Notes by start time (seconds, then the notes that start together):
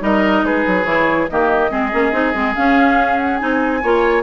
0.00 G3 D#4 A#4 D#5
0.43 G#3 G#4 B4
0.66 F#3
0.84 E3 E4 C#5
1.29 D#3 A#3 G4 D#5
1.69 G#3 C4 G#4
1.91 A#3 C#4
2.11 C4 D#4
2.34 G#3 C4
2.55 C#4 F5
3.17 F#5
3.37 C4 D#4 G#5
3.83 A#3 F4 C#5